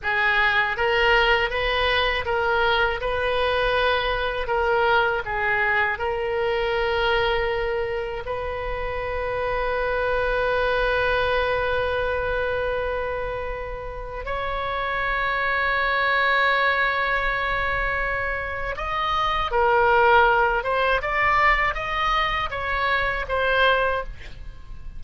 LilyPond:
\new Staff \with { instrumentName = "oboe" } { \time 4/4 \tempo 4 = 80 gis'4 ais'4 b'4 ais'4 | b'2 ais'4 gis'4 | ais'2. b'4~ | b'1~ |
b'2. cis''4~ | cis''1~ | cis''4 dis''4 ais'4. c''8 | d''4 dis''4 cis''4 c''4 | }